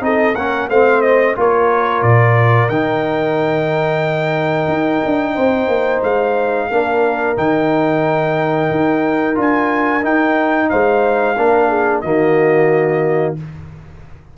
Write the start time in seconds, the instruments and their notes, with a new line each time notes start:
0.00 tuba C4, trombone D#4, horn A4, trumpet D#5
0.35 tuba A#3, trombone C#4, horn A#4, trumpet F#5
0.69 tuba A3, trombone C4, horn C5, trumpet F5
1.02 trumpet D#5
1.36 tuba A#3, trombone F4, horn A#4, trumpet C#5
2.02 tuba A#2, trumpet D5
2.69 tuba D#3, trombone D#4, trumpet G5
4.68 tuba D#4
5.05 tuba D4
5.34 tuba C4, horn C5
5.68 tuba A#3
6.03 tuba G#3, trumpet F5
6.70 tuba A#3, trombone D4, horn A#4
7.36 tuba D#3, trombone D#4, trumpet G5
8.70 tuba D#4
9.35 tuba D4, trombone F4, trumpet G#5
10.02 trombone D#4, tuba D#4, trumpet G5
10.69 tuba G#3, horn C5, trumpet F5
11.37 tuba A#3, trombone D4, horn A#4
11.68 horn G#4
12.01 tuba D#3, trombone A#3, horn F#4, trumpet D#5